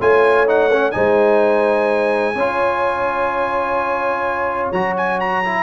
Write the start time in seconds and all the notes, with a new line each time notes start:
0.00 A3 F4 C#5 G#5
0.47 D#4 F#5
0.72 C#4
0.91 G#3 D#4 C5 G#5
2.35 C#4 F4 C#5
4.72 F#3 F#4 A#5
4.96 G#5
5.20 A#5
5.44 E4